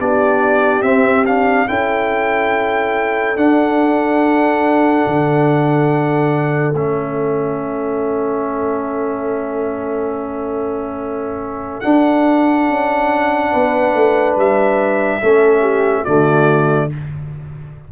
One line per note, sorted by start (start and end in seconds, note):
0.00 0.82 B3
0.00 0.83 D4
0.00 1.69 G4
0.00 0.83 D5
0.82 1.67 C4
0.82 1.26 C4
0.82 1.25 E5
1.26 1.68 D4
1.26 1.68 F5
1.68 3.36 C#4
1.68 3.37 E4
1.68 13.52 A4
1.68 3.37 G5
3.36 5.05 D4
3.36 6.75 D4
3.36 6.76 F#5
5.07 6.74 D3
6.74 11.82 A3
6.74 11.83 C#4
6.74 11.81 E5
11.81 15.21 D4
11.81 12.69 D4
11.81 14.34 F#5
12.69 13.54 C#4
13.52 13.95 B3
13.52 15.21 B4
13.95 14.37 A3
14.37 15.21 G3
14.37 16.05 E5
15.22 16.07 A3
15.22 16.06 C#4
15.22 15.61 A4
15.61 16.04 G4
16.05 16.92 D3
16.05 16.90 A3
16.05 16.89 F#4
16.05 16.90 D5